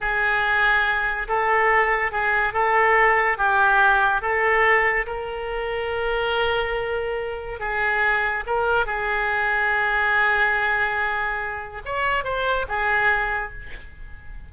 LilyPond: \new Staff \with { instrumentName = "oboe" } { \time 4/4 \tempo 4 = 142 gis'2. a'4~ | a'4 gis'4 a'2 | g'2 a'2 | ais'1~ |
ais'2 gis'2 | ais'4 gis'2.~ | gis'1 | cis''4 c''4 gis'2 | }